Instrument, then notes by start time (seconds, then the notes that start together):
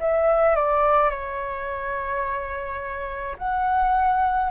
flute
0.00 E5
0.56 D5
1.10 C#5
3.38 F#5